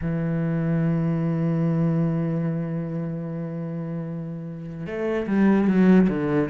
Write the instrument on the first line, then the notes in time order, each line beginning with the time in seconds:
cello
0.01 E3
4.86 A3
5.27 G3
5.68 F#3
6.09 D3